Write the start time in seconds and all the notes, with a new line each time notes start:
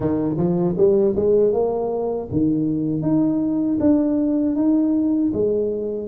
0.00 D#3
0.37 F3
0.77 G3
1.16 G#3
1.52 A#3
2.31 D#3
3.02 D#4
3.79 D4
4.55 D#4
5.33 G#3